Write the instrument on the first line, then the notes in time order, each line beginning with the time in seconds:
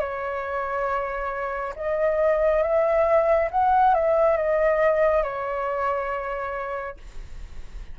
flute
0.00 C#5
1.76 D#5
2.62 E5
3.51 F#5
3.94 E5
4.37 D#5
5.23 C#5